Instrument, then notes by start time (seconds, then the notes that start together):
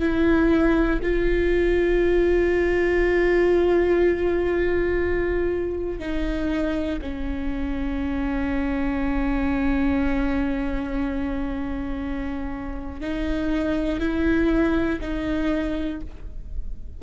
viola
0.00 E4
1.03 F4
6.00 D#4
7.02 C#4
13.01 D#4
14.00 E4
15.01 D#4